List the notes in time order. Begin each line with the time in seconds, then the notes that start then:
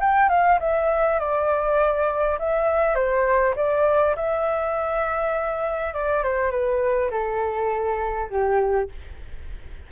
0.00 G5
0.29 F5
0.60 E5
1.19 D5
2.39 E5
2.95 C5
3.56 D5
4.16 E5
5.94 D5
6.23 C5
6.51 B4
7.10 A4
8.30 G4